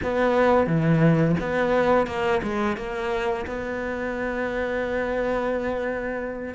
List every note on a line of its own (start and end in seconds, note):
0.02 0.66 B3
0.66 1.35 E3
1.39 2.07 B3
2.07 2.41 A#3
2.42 2.76 G#3
2.76 3.45 A#3
3.46 6.54 B3